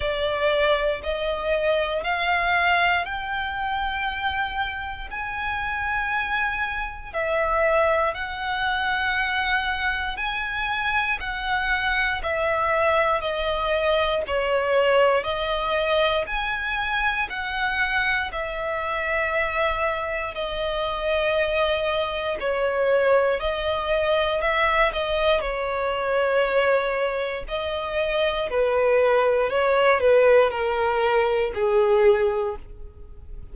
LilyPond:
\new Staff \with { instrumentName = "violin" } { \time 4/4 \tempo 4 = 59 d''4 dis''4 f''4 g''4~ | g''4 gis''2 e''4 | fis''2 gis''4 fis''4 | e''4 dis''4 cis''4 dis''4 |
gis''4 fis''4 e''2 | dis''2 cis''4 dis''4 | e''8 dis''8 cis''2 dis''4 | b'4 cis''8 b'8 ais'4 gis'4 | }